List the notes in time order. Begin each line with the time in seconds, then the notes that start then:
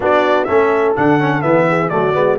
0.00 B3 D4 F#4 D5
0.44 A3 C#4 A4 E5
0.95 D3 D4 F#5
1.19 C#4
1.41 E3 B3 E5
1.67 G#4
1.89 F#3 A3 F#4 D5
2.13 G#3 B3